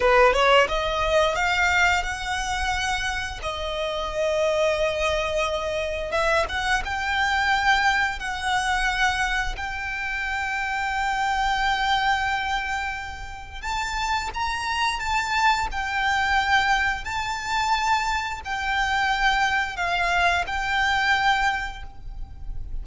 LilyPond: \new Staff \with { instrumentName = "violin" } { \time 4/4 \tempo 4 = 88 b'8 cis''8 dis''4 f''4 fis''4~ | fis''4 dis''2.~ | dis''4 e''8 fis''8 g''2 | fis''2 g''2~ |
g''1 | a''4 ais''4 a''4 g''4~ | g''4 a''2 g''4~ | g''4 f''4 g''2 | }